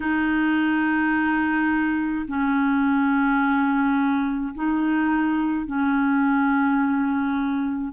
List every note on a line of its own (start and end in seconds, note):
0.00 2.25 D#4
2.27 4.54 C#4
4.54 5.66 D#4
5.66 7.92 C#4